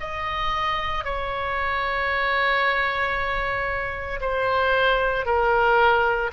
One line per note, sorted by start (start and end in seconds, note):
0.00 1.04 D#5
1.04 4.20 C#5
4.21 5.26 C5
5.26 6.31 A#4